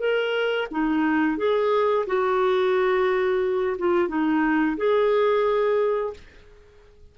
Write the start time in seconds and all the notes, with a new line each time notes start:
0.00 A#4
0.71 D#4
1.38 G#4
2.07 F#4
3.78 F4
4.08 D#4
4.77 G#4